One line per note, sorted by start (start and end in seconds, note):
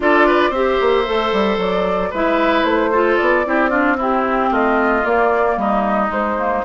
0.00 0.49 D4
0.00 0.53 F4
0.00 0.26 A4
0.00 0.53 D5
0.26 0.50 B4
0.49 0.76 C4
0.49 1.05 G4
0.49 2.09 C5
0.49 1.59 E5
0.81 1.07 A#3
1.05 1.32 A3
1.05 2.11 A4
1.32 1.57 G3
1.57 2.10 F#3
1.57 2.13 D5
2.10 2.63 G#3
2.10 2.93 E4
2.10 2.90 B4
2.10 2.63 E5
2.63 3.16 A3
2.63 3.16 C5
2.92 3.45 F4
2.92 3.45 A4
3.16 3.45 B3
3.16 3.96 D5
3.45 4.51 C4
3.45 3.69 E4
3.45 3.70 G4
3.69 3.96 D4
3.69 3.96 F4
3.97 5.03 C4
3.97 4.50 E4
3.97 4.53 G4
4.50 5.04 A3
4.50 5.56 F4
4.50 5.05 D#5
5.03 6.07 A#3
5.03 5.57 A#3
5.03 5.58 D5
5.57 6.10 G3
5.57 6.64 D#4
5.57 6.12 D#5
6.07 6.33 G#3
6.07 6.63 G#3
6.07 6.64 C5
6.38 6.64 A#3